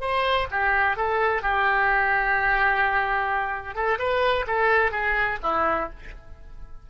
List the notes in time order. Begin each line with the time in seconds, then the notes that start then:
0.00 C5
0.50 G4
0.96 A4
1.42 G4
3.74 A4
3.98 B4
4.47 A4
4.91 G#4
5.42 E4